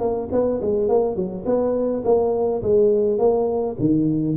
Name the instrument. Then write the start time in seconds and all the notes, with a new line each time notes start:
tuba
0.00 A#3
0.32 B3
0.62 G#3
0.89 A#3
1.16 F#3
1.46 B3
2.05 A#3
2.63 G#3
3.19 A#3
3.79 D#3